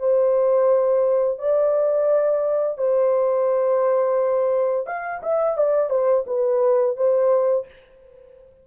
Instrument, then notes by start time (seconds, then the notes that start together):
horn
0.00 C5
1.39 D5
2.78 C5
4.87 F5
5.23 E5
5.58 D5
5.90 C5
6.27 B4
6.97 C5